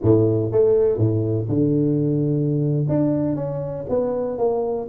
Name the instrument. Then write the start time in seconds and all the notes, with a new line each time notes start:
tuba
0.02 A2
0.51 A3
0.97 A2
1.49 D3
2.88 D4
3.35 C#4
3.89 B3
4.38 A#3